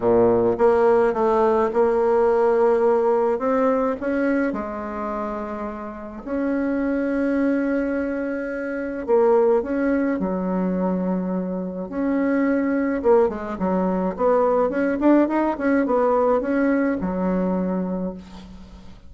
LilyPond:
\new Staff \with { instrumentName = "bassoon" } { \time 4/4 \tempo 4 = 106 ais,4 ais4 a4 ais4~ | ais2 c'4 cis'4 | gis2. cis'4~ | cis'1 |
ais4 cis'4 fis2~ | fis4 cis'2 ais8 gis8 | fis4 b4 cis'8 d'8 dis'8 cis'8 | b4 cis'4 fis2 | }